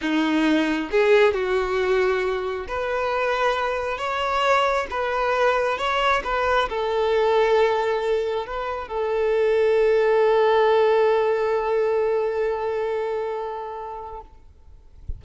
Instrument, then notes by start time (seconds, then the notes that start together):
violin
0.01 D#4
0.91 G#4
1.33 F#4
2.68 B4
3.98 C#5
4.90 B4
5.78 C#5
6.24 B4
6.69 A4
8.46 B4
8.87 A4